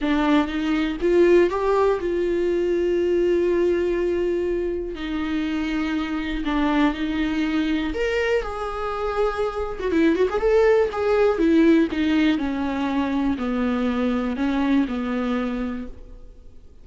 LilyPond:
\new Staff \with { instrumentName = "viola" } { \time 4/4 \tempo 4 = 121 d'4 dis'4 f'4 g'4 | f'1~ | f'2 dis'2~ | dis'4 d'4 dis'2 |
ais'4 gis'2~ gis'8. fis'16 | e'8 fis'16 gis'16 a'4 gis'4 e'4 | dis'4 cis'2 b4~ | b4 cis'4 b2 | }